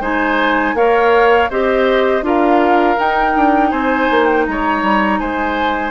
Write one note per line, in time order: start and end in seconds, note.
0.00 0.74 G#3
0.00 0.76 D#4
0.00 0.75 C5
0.00 0.76 G#5
0.74 1.48 A#3
0.74 1.51 A#4
0.74 1.50 C#5
0.74 1.50 F5
1.50 2.22 C4
1.50 2.22 G4
1.50 2.24 C5
1.50 2.25 D#5
2.22 2.96 D4
2.22 2.96 F4
2.22 3.71 A#4
2.22 2.99 F5
2.97 5.91 D#4
2.97 3.36 D#4
2.97 3.71 G5
3.36 3.72 D4
3.71 4.09 C4
3.71 4.45 C5
3.71 4.26 G#5
4.10 4.47 A#3
4.26 4.44 G5
4.46 4.82 G#3
4.46 5.20 C#5
4.46 5.19 A#5
4.82 5.19 G3
5.19 5.91 G#3
5.19 5.91 C5
5.19 5.91 G#5